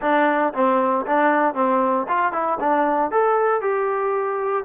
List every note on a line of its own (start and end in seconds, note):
0.01 0.53 D4
0.53 1.05 C4
1.06 1.54 D4
1.54 2.06 C4
2.08 2.32 F4
2.32 2.58 E4
2.60 3.11 D4
3.11 3.61 A4
3.61 4.64 G4